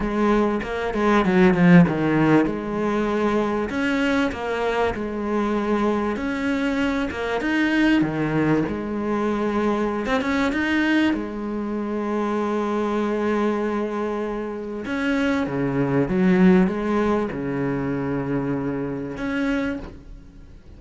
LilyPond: \new Staff \with { instrumentName = "cello" } { \time 4/4 \tempo 4 = 97 gis4 ais8 gis8 fis8 f8 dis4 | gis2 cis'4 ais4 | gis2 cis'4. ais8 | dis'4 dis4 gis2~ |
gis16 c'16 cis'8 dis'4 gis2~ | gis1 | cis'4 cis4 fis4 gis4 | cis2. cis'4 | }